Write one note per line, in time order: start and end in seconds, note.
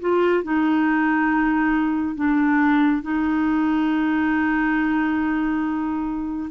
0.00 0.43 F4
0.43 2.15 D#4
2.15 3.02 D4
3.02 6.50 D#4